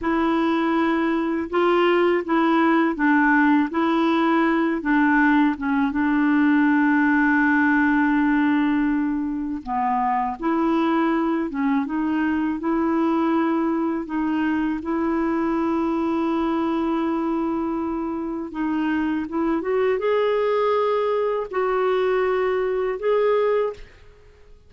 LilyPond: \new Staff \with { instrumentName = "clarinet" } { \time 4/4 \tempo 4 = 81 e'2 f'4 e'4 | d'4 e'4. d'4 cis'8 | d'1~ | d'4 b4 e'4. cis'8 |
dis'4 e'2 dis'4 | e'1~ | e'4 dis'4 e'8 fis'8 gis'4~ | gis'4 fis'2 gis'4 | }